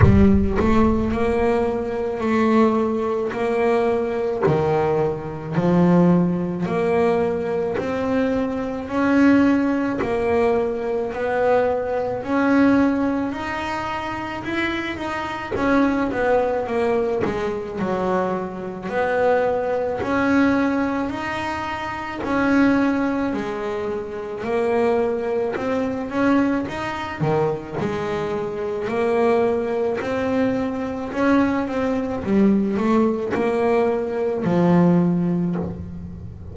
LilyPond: \new Staff \with { instrumentName = "double bass" } { \time 4/4 \tempo 4 = 54 g8 a8 ais4 a4 ais4 | dis4 f4 ais4 c'4 | cis'4 ais4 b4 cis'4 | dis'4 e'8 dis'8 cis'8 b8 ais8 gis8 |
fis4 b4 cis'4 dis'4 | cis'4 gis4 ais4 c'8 cis'8 | dis'8 dis8 gis4 ais4 c'4 | cis'8 c'8 g8 a8 ais4 f4 | }